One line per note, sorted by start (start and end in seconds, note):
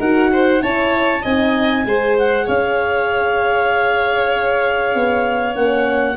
0.00 0.62 D#4
0.00 0.60 F#4
0.00 0.31 A#4
0.00 0.63 F#5
0.32 0.63 C5
0.60 1.24 C#4
0.60 1.22 E4
0.60 1.22 C#5
0.60 1.24 A5
1.22 1.86 C4
1.22 1.86 D#4
1.22 1.84 D#5
1.22 2.17 G#5
1.86 2.47 G#3
1.86 5.54 G#4
1.86 2.46 C5
2.18 2.49 F#5
2.46 4.95 C#4
2.46 6.17 C#5
2.46 5.56 F5
4.95 5.56 B3
5.54 6.18 A#3
5.54 6.16 C#4
5.54 6.18 F#5